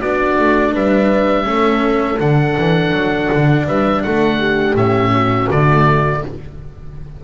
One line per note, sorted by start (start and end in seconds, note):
0.00 0.37 B3
0.00 1.45 D4
0.00 0.73 F#4
0.00 0.75 D5
0.39 0.75 A3
0.73 1.47 G3
0.73 1.47 B4
0.73 2.20 E5
1.45 2.20 A3
1.45 2.18 C#4
1.45 3.67 A4
2.20 2.57 D3
2.20 4.77 D4
2.20 3.67 F#5
2.58 2.93 E3
2.93 3.29 F#3
3.33 3.68 D3
3.67 4.05 G3
3.67 4.03 B4
3.67 4.03 E5
4.03 4.76 A3
4.03 4.39 A4
4.03 4.76 F#5
4.39 5.12 G4
4.76 5.49 A2
4.76 5.51 C#4
4.76 5.50 E5
5.13 6.23 F#4
5.51 6.24 D3
5.51 6.24 A3
5.51 6.24 D5